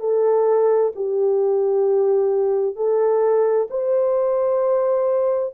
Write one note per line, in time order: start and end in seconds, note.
0.00 0.92 A4
0.96 2.76 G4
2.76 3.68 A4
3.70 5.54 C5